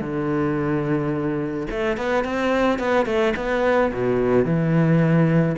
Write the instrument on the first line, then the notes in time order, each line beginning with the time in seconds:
cello
0.00 D3
1.70 A3
1.97 B3
2.24 C4
2.79 B3
3.05 A3
3.36 B3
3.92 B2
4.44 E3